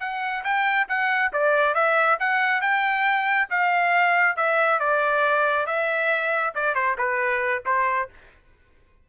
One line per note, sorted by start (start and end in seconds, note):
0.00 0.43 F#5
0.44 0.87 G5
0.88 1.32 F#5
1.33 1.74 D5
1.74 2.18 E5
2.20 2.61 F#5
2.61 3.48 G5
3.50 4.36 F5
4.36 4.79 E5
4.79 5.66 D5
5.66 6.53 E5
6.55 6.75 D5
6.75 6.96 C5
6.98 7.63 B4
7.65 8.09 C5